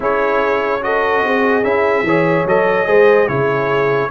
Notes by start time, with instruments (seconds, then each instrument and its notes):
0.00 tuba C#4, trombone E4, horn G#4, trumpet C#5
0.81 trombone F#4, horn A4, trumpet D#5
1.23 tuba C4, horn G#4
1.63 tuba C#4, trombone E4, trumpet E5
2.03 tuba E3, trombone G#4, horn C#5
2.45 tuba F#3, trombone A4, trumpet D#5
2.86 tuba G#3, trombone G#4, horn C5
3.28 tuba C#3, trombone E4, horn G#4, trumpet C#5